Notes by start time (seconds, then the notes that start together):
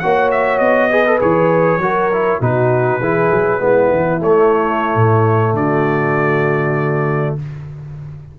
0.00 A#3 F#4 C#5 F#5
0.31 E5
0.58 B3 D#5
0.91 G#4 B4
1.06 A4
1.20 E3 G#4 C#5
1.78 F#3 F#4 A#4
2.13 E4
2.41 B2 D#4 F#4 B4
3.00 E3 E4 G#4
3.31 F#3
3.60 G#3 B3 E4
3.91 E3
4.21 A3 C#5
4.95 A2
5.54 D3 F#4 D5